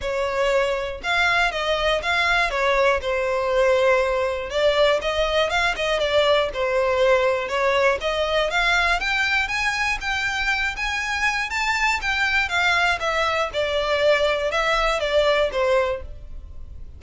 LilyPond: \new Staff \with { instrumentName = "violin" } { \time 4/4 \tempo 4 = 120 cis''2 f''4 dis''4 | f''4 cis''4 c''2~ | c''4 d''4 dis''4 f''8 dis''8 | d''4 c''2 cis''4 |
dis''4 f''4 g''4 gis''4 | g''4. gis''4. a''4 | g''4 f''4 e''4 d''4~ | d''4 e''4 d''4 c''4 | }